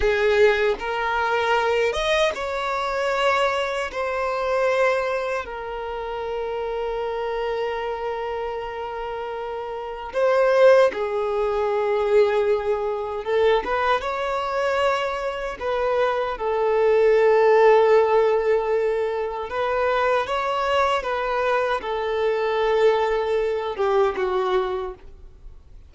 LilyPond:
\new Staff \with { instrumentName = "violin" } { \time 4/4 \tempo 4 = 77 gis'4 ais'4. dis''8 cis''4~ | cis''4 c''2 ais'4~ | ais'1~ | ais'4 c''4 gis'2~ |
gis'4 a'8 b'8 cis''2 | b'4 a'2.~ | a'4 b'4 cis''4 b'4 | a'2~ a'8 g'8 fis'4 | }